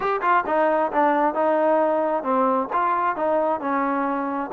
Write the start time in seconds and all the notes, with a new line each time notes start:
0.00 G4
0.21 F4
0.46 D#4
0.92 D4
1.34 D#4
2.23 C4
2.72 F4
3.16 D#4
3.60 C#4